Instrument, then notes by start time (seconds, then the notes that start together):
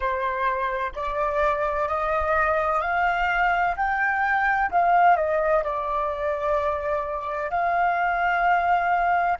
flute
0.00 C5
0.95 D5
1.88 D#5
2.81 F5
3.76 G5
4.70 F5
5.16 D#5
5.63 D5
7.50 F5